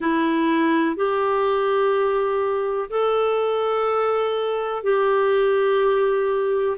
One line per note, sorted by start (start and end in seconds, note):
0.00 0.96 E4
0.96 2.89 G4
2.90 4.83 A4
4.83 6.77 G4